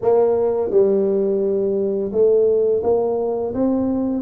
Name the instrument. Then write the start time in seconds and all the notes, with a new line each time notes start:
tuba
0.01 A#3
0.70 G3
2.11 A3
2.83 A#3
3.54 C4